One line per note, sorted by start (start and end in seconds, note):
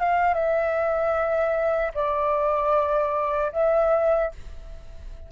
0.00 0.34 F5
0.34 1.92 E5
1.94 3.52 D5
3.53 4.32 E5